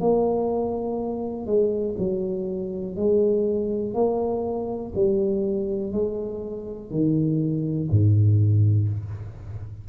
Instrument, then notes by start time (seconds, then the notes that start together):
tuba
0.00 A#3
1.46 G#3
1.98 F#3
2.96 G#3
3.94 A#3
4.94 G3
5.92 G#3
6.90 D#3
7.90 G#2